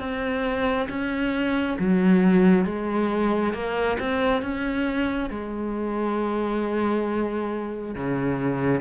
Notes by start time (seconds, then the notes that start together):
0.00 C4
0.89 C#4
1.79 F#3
2.66 G#3
3.54 A#3
3.99 C4
4.42 C#4
5.31 G#3
7.95 C#3